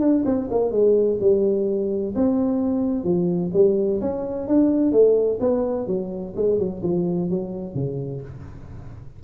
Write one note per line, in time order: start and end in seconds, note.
0.00 0.23 D4
0.25 0.48 C4
0.50 0.71 A#3
0.71 1.18 G#3
1.20 2.14 G3
2.15 3.04 C4
3.04 3.51 F3
3.53 4.00 G3
4.00 4.47 C#4
4.48 4.92 D4
4.92 5.39 A3
5.40 5.87 B3
5.87 6.33 F#3
6.36 6.59 G#3
6.59 6.82 F#3
6.83 7.30 F3
7.30 7.74 F#3
7.74 8.21 C#3